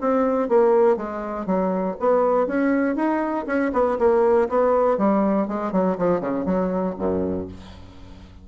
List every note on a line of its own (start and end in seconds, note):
0.00 0.48 C4
0.48 0.96 A#3
0.96 1.46 G#3
1.46 1.96 F#3
2.00 2.47 B3
2.47 2.95 C#4
2.95 3.45 D#4
3.46 3.71 C#4
3.73 3.98 B3
3.98 4.48 A#3
4.49 4.97 B3
4.97 5.47 G3
5.47 5.72 G#3
5.72 5.97 F#3
5.98 6.20 F3
6.20 6.45 C#3
6.45 6.95 F#3
6.98 7.48 F#2